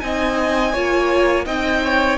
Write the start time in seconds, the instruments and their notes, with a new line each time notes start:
0.00 cello C4, viola D#4, violin D#5 G#5
0.73 cello A#3, viola F4, violin C#5
1.45 cello C4, viola D#4, violin D#5 G5
1.84 violin C#5